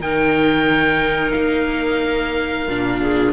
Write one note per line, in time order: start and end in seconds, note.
0.00 1.33 D#3
0.00 2.69 D#4
0.00 3.02 A#4
0.00 1.32 G5
1.32 2.68 A#3
1.32 3.32 F5
2.68 3.34 A#2
2.68 3.34 D4
3.02 3.34 G#4